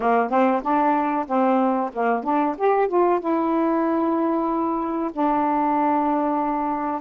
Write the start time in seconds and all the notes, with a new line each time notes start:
0.00 A#3
0.30 C4
0.62 D4
1.26 C4
1.93 A#3
2.23 D4
2.57 G4
2.88 F4
3.19 E4
5.12 D4